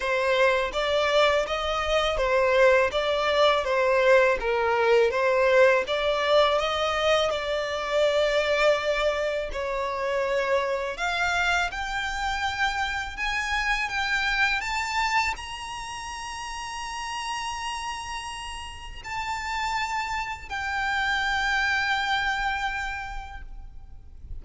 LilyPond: \new Staff \with { instrumentName = "violin" } { \time 4/4 \tempo 4 = 82 c''4 d''4 dis''4 c''4 | d''4 c''4 ais'4 c''4 | d''4 dis''4 d''2~ | d''4 cis''2 f''4 |
g''2 gis''4 g''4 | a''4 ais''2.~ | ais''2 a''2 | g''1 | }